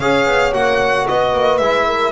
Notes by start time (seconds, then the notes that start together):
0.00 C#4 G#4 C#5 F5
0.27 B3
0.53 A#3 F#4 F#5
1.08 B3 B4 D#5
1.34 A#3
1.58 G#3 E4 E5
1.87 A#4